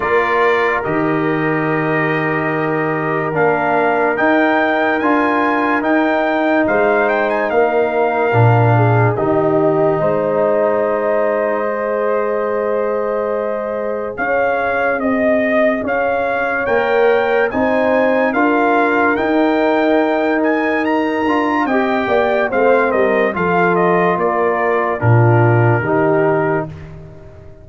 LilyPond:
<<
  \new Staff \with { instrumentName = "trumpet" } { \time 4/4 \tempo 4 = 72 d''4 dis''2. | f''4 g''4 gis''4 g''4 | f''8 g''16 gis''16 f''2 dis''4~ | dis''1~ |
dis''4 f''4 dis''4 f''4 | g''4 gis''4 f''4 g''4~ | g''8 gis''8 ais''4 g''4 f''8 dis''8 | f''8 dis''8 d''4 ais'2 | }
  \new Staff \with { instrumentName = "horn" } { \time 4/4 ais'1~ | ais'1 | c''4 ais'4. gis'8 g'4 | c''1~ |
c''4 cis''4 dis''4 cis''4~ | cis''4 c''4 ais'2~ | ais'2 dis''8 d''8 c''8 ais'8 | a'4 ais'4 f'4 g'4 | }
  \new Staff \with { instrumentName = "trombone" } { \time 4/4 f'4 g'2. | d'4 dis'4 f'4 dis'4~ | dis'2 d'4 dis'4~ | dis'2 gis'2~ |
gis'1 | ais'4 dis'4 f'4 dis'4~ | dis'4. f'8 g'4 c'4 | f'2 d'4 dis'4 | }
  \new Staff \with { instrumentName = "tuba" } { \time 4/4 ais4 dis2. | ais4 dis'4 d'4 dis'4 | gis4 ais4 ais,4 dis4 | gis1~ |
gis4 cis'4 c'4 cis'4 | ais4 c'4 d'4 dis'4~ | dis'4. d'8 c'8 ais8 a8 g8 | f4 ais4 ais,4 dis4 | }
>>